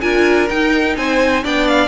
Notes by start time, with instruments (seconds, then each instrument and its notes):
0.00 cello D4, viola F4, violin A#4 G#5
0.49 cello D#4, viola D#4, violin G5
0.96 cello C4, violin C5 G#5
1.43 cello B3, viola D4, violin D5 G5
1.67 violin F5